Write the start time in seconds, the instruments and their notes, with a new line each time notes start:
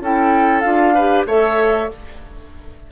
0.00 bassoon C#4, clarinet E4, oboe A4, flute G5
0.60 bassoon D4, clarinet F4, flute F5
0.94 clarinet G4, oboe B4
1.26 bassoon A3, clarinet A4, oboe C#5, flute E5